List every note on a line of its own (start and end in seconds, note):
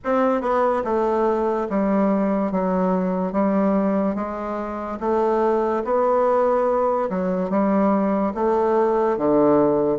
0.04 0.41 C4
0.41 0.82 B3
0.84 1.67 A3
1.69 2.52 G3
2.52 3.32 F#3
3.32 4.15 G3
4.15 4.98 G#3
5.00 5.83 A3
5.84 7.09 B3
7.09 7.50 F#3
7.50 8.33 G3
8.34 9.17 A3
9.17 9.98 D3